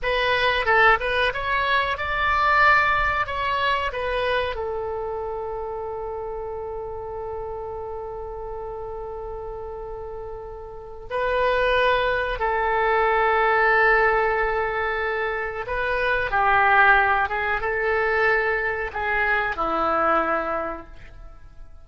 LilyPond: \new Staff \with { instrumentName = "oboe" } { \time 4/4 \tempo 4 = 92 b'4 a'8 b'8 cis''4 d''4~ | d''4 cis''4 b'4 a'4~ | a'1~ | a'1~ |
a'4 b'2 a'4~ | a'1 | b'4 g'4. gis'8 a'4~ | a'4 gis'4 e'2 | }